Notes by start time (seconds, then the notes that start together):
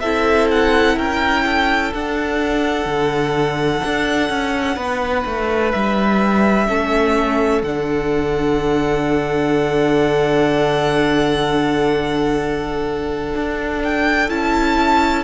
0.00 C4 E4 A4 E5
0.51 F#5
0.97 C#4 A#4 G5
1.46 A4
1.92 D4 F#5
2.86 D3
3.86 D4
4.29 C#4
4.76 B3 B4
5.26 A3
5.72 G3 E5
6.68 A3 C#4 A4
7.62 D3 D4 F#5
13.35 D4
13.84 G5
14.29 C#4 E4 A5